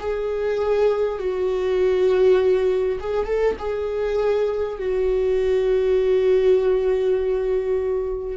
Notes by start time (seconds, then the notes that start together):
0.00 G#4
1.19 F#4
3.01 G#4
3.26 A4
3.59 G#4
4.79 F#4